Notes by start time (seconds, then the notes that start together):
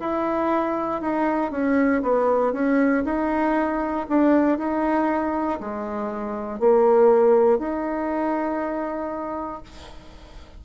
0.00 E4
1.02 D#4
1.52 C#4
2.03 B3
2.53 C#4
3.06 D#4
4.09 D4
4.59 D#4
5.61 G#3
6.60 A#3
7.59 D#4